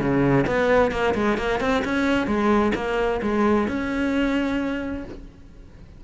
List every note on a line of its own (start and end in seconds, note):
0.00 0.45 C#3
0.46 0.91 B3
0.91 1.14 A#3
1.15 1.37 G#3
1.37 1.60 A#3
1.60 1.83 C4
1.85 2.27 C#4
2.27 2.72 G#3
2.75 3.20 A#3
3.22 3.68 G#3
3.68 5.04 C#4